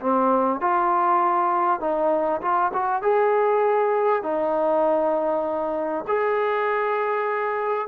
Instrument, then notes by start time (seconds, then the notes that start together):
trombone
0.00 C4
0.60 F4
1.80 D#4
2.41 F4
2.73 F#4
3.02 G#4
4.23 D#4
6.07 G#4